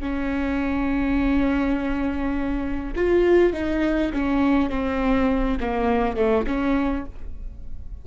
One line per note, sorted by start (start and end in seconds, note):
0.00 2.94 C#4
2.96 3.53 F4
3.53 4.12 D#4
4.13 4.70 C#4
4.70 5.58 C4
5.60 6.16 A#3
6.16 6.46 A3
6.47 7.05 C#4